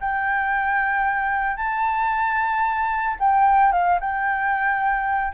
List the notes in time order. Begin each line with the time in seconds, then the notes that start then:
0.00 G5
1.56 A5
3.19 G5
3.72 F5
4.00 G5